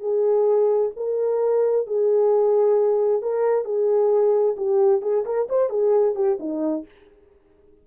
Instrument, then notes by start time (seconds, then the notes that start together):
horn
0.00 G#4
0.96 A#4
1.87 G#4
3.22 A#4
3.65 G#4
4.57 G4
5.01 G#4
5.25 A#4
5.49 C5
5.70 G#4
6.15 G4
6.40 D#4